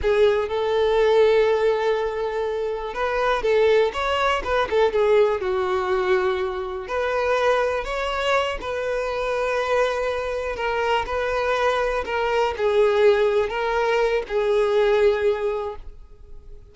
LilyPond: \new Staff \with { instrumentName = "violin" } { \time 4/4 \tempo 4 = 122 gis'4 a'2.~ | a'2 b'4 a'4 | cis''4 b'8 a'8 gis'4 fis'4~ | fis'2 b'2 |
cis''4. b'2~ b'8~ | b'4. ais'4 b'4.~ | b'8 ais'4 gis'2 ais'8~ | ais'4 gis'2. | }